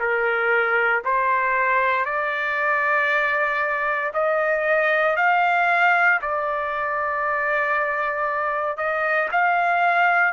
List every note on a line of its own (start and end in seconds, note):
0.00 1.03 A#4
1.05 2.05 C5
2.05 4.12 D5
4.14 5.17 D#5
5.17 6.20 F5
6.22 8.77 D5
8.77 9.29 D#5
9.32 10.34 F5